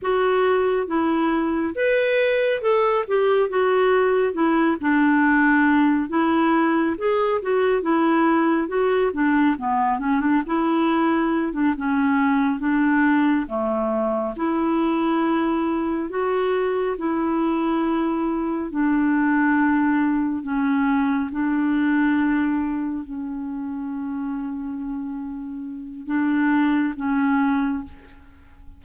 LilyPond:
\new Staff \with { instrumentName = "clarinet" } { \time 4/4 \tempo 4 = 69 fis'4 e'4 b'4 a'8 g'8 | fis'4 e'8 d'4. e'4 | gis'8 fis'8 e'4 fis'8 d'8 b8 cis'16 d'16 | e'4~ e'16 d'16 cis'4 d'4 a8~ |
a8 e'2 fis'4 e'8~ | e'4. d'2 cis'8~ | cis'8 d'2 cis'4.~ | cis'2 d'4 cis'4 | }